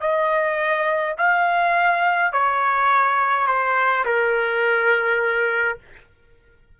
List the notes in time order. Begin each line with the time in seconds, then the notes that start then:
0.00 D#5
1.17 F5
2.32 C#5
3.47 C5
4.05 A#4